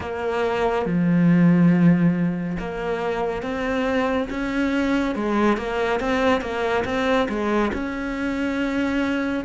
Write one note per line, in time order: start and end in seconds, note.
0.00 0.85 A#3
0.85 2.57 F3
2.58 3.42 A#3
3.42 4.28 C4
4.30 5.15 C#4
5.15 5.57 G#3
5.57 6.00 A#3
6.00 6.41 C4
6.41 6.84 A#3
6.84 7.27 C4
7.29 7.71 G#3
7.73 9.44 C#4